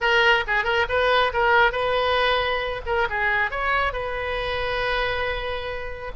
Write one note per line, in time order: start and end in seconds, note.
0.00 0.44 A#4
0.47 0.64 G#4
0.64 0.86 A#4
0.88 1.32 B4
1.33 1.72 A#4
1.72 2.81 B4
2.86 3.08 A#4
3.09 3.50 G#4
3.50 3.92 C#5
3.92 6.11 B4